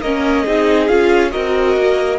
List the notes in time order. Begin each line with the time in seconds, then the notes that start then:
0.00 A#3 C#4 A#4 D#5
0.44 C4 D#4 G#4
0.88 C#4 F4 F5
1.30 C4 F#4 A#4 D#5
1.77 A#3